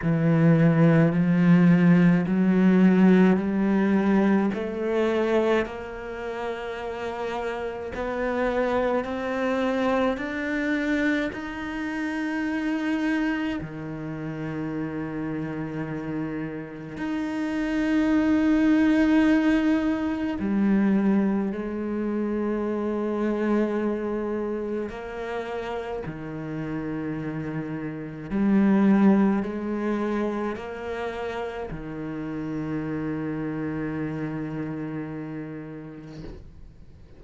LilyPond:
\new Staff \with { instrumentName = "cello" } { \time 4/4 \tempo 4 = 53 e4 f4 fis4 g4 | a4 ais2 b4 | c'4 d'4 dis'2 | dis2. dis'4~ |
dis'2 g4 gis4~ | gis2 ais4 dis4~ | dis4 g4 gis4 ais4 | dis1 | }